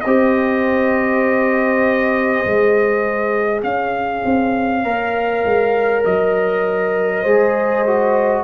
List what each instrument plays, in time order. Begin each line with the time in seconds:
0.00 tuba C4, trombone G4, horn C5, trumpet D#5
2.45 tuba G#3, trombone G#4
3.63 tuba C#4, horn C#5, trumpet F5
4.25 tuba C4
4.83 tuba A#3, trombone A#4
5.44 tuba G#3
6.04 tuba F#3, trumpet D#5
7.21 tuba G#3, trombone G#4, horn C5
7.86 trombone F#4